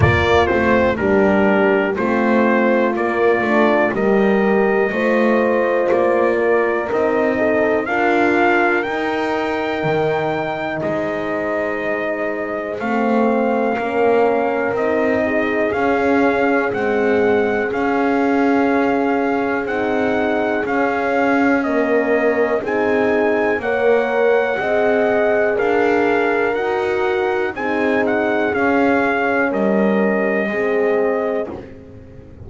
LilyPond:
<<
  \new Staff \with { instrumentName = "trumpet" } { \time 4/4 \tempo 4 = 61 d''8 c''8 ais'4 c''4 d''4 | dis''2 d''4 dis''4 | f''4 g''2 dis''4~ | dis''4 f''2 dis''4 |
f''4 fis''4 f''2 | fis''4 f''4 dis''4 gis''4 | fis''2 f''4 fis''4 | gis''8 fis''8 f''4 dis''2 | }
  \new Staff \with { instrumentName = "horn" } { \time 4/4 f'4 g'4 f'2 | ais'4 c''4. ais'4 a'8 | ais'2. c''4~ | c''2 ais'4. gis'8~ |
gis'1~ | gis'2 ais'4 gis'4 | cis''4 dis''4 ais'2 | gis'2 ais'4 gis'4 | }
  \new Staff \with { instrumentName = "horn" } { \time 4/4 ais8 c'8 d'4 c'4 ais8 d'8 | g'4 f'2 dis'4 | f'4 dis'2.~ | dis'4 c'4 cis'4 dis'4 |
cis'4 gis4 cis'2 | dis'4 cis'4 ais4 dis'4 | ais'4 gis'2 fis'4 | dis'4 cis'2 c'4 | }
  \new Staff \with { instrumentName = "double bass" } { \time 4/4 ais8 a8 g4 a4 ais8 a8 | g4 a4 ais4 c'4 | d'4 dis'4 dis4 gis4~ | gis4 a4 ais4 c'4 |
cis'4 c'4 cis'2 | c'4 cis'2 c'4 | ais4 c'4 d'4 dis'4 | c'4 cis'4 g4 gis4 | }
>>